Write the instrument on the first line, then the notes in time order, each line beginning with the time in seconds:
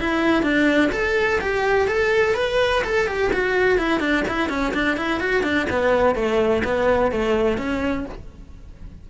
cello
0.00 E4
0.43 D4
0.92 A4
1.41 G4
1.88 A4
2.35 B4
2.84 A4
3.07 G4
3.33 F#4
3.78 E4
4.00 D4
4.28 E4
4.49 C#4
4.74 D4
4.97 E4
5.20 F#4
5.43 D4
5.70 B3
6.15 A3
6.64 B3
7.11 A3
7.58 C#4